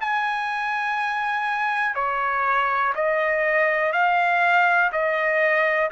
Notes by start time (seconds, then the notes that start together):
0.00 G#5
1.95 C#5
2.95 D#5
3.92 F5
4.92 D#5